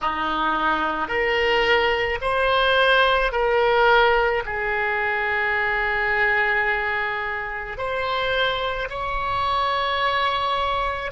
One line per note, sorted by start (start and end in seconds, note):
0.01 1.08 D#4
1.08 2.19 A#4
2.21 3.32 C5
3.32 4.43 A#4
4.45 7.77 G#4
7.77 8.88 C5
8.89 11.11 C#5